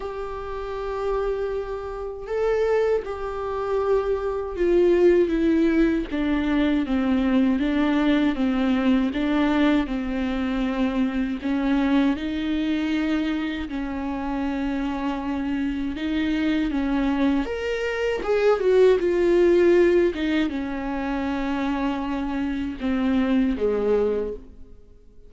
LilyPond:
\new Staff \with { instrumentName = "viola" } { \time 4/4 \tempo 4 = 79 g'2. a'4 | g'2 f'4 e'4 | d'4 c'4 d'4 c'4 | d'4 c'2 cis'4 |
dis'2 cis'2~ | cis'4 dis'4 cis'4 ais'4 | gis'8 fis'8 f'4. dis'8 cis'4~ | cis'2 c'4 gis4 | }